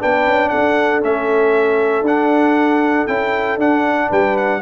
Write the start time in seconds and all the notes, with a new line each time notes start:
0.00 B3 D4 B4 G5
0.26 C#4
0.49 D4 A4 F#5
1.01 A3 C#4 E5
2.01 D4 F#5
3.07 C#4 E4 G5
3.57 D4 F#5
4.09 G3 B4 G5
4.37 F#5